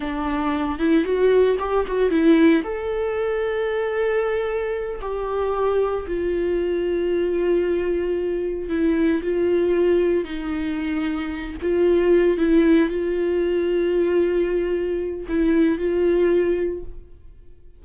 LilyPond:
\new Staff \with { instrumentName = "viola" } { \time 4/4 \tempo 4 = 114 d'4. e'8 fis'4 g'8 fis'8 | e'4 a'2.~ | a'4. g'2 f'8~ | f'1~ |
f'8 e'4 f'2 dis'8~ | dis'2 f'4. e'8~ | e'8 f'2.~ f'8~ | f'4 e'4 f'2 | }